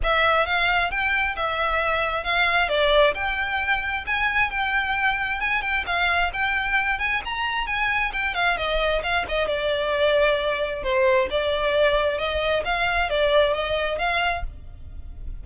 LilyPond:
\new Staff \with { instrumentName = "violin" } { \time 4/4 \tempo 4 = 133 e''4 f''4 g''4 e''4~ | e''4 f''4 d''4 g''4~ | g''4 gis''4 g''2 | gis''8 g''8 f''4 g''4. gis''8 |
ais''4 gis''4 g''8 f''8 dis''4 | f''8 dis''8 d''2. | c''4 d''2 dis''4 | f''4 d''4 dis''4 f''4 | }